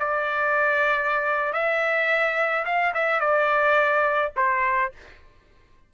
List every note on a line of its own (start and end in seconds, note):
0.00 1.53 D5
1.53 2.66 E5
2.66 2.94 F5
2.95 3.21 E5
3.21 4.33 D5
4.37 4.93 C5